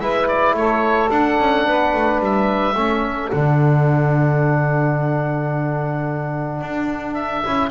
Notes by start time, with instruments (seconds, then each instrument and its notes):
0.00 double bass G#3, trombone E4, saxophone B4, oboe E5
0.28 oboe D5
0.53 double bass A3, saxophone A4, oboe C#5
1.10 trombone D4, double bass D4, oboe F#5
1.39 double bass C#4
1.66 double bass B3, saxophone B4
1.93 double bass A3
2.20 double bass G3, oboe E5
2.75 double bass A3, trombone C#4, saxophone A4
3.31 double bass D3, trombone D4, oboe F#5
6.61 double bass D4
7.14 oboe E5
7.45 double bass C#4, trombone E4